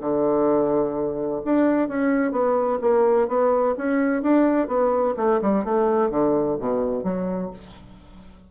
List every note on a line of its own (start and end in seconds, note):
0.00 1.41 D3
1.44 1.88 D4
1.88 2.31 C#4
2.31 2.78 B3
2.81 3.27 A#3
3.27 3.74 B3
3.77 4.22 C#4
4.22 4.67 D4
4.67 5.14 B3
5.16 5.40 A3
5.41 5.64 G3
5.64 6.10 A3
6.10 6.57 D3
6.59 7.03 B2
7.03 7.50 F#3